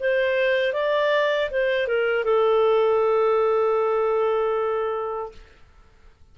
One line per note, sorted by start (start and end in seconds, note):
0.00 0.73 C5
0.73 1.50 D5
1.51 1.87 C5
1.87 2.24 A#4
2.24 5.32 A4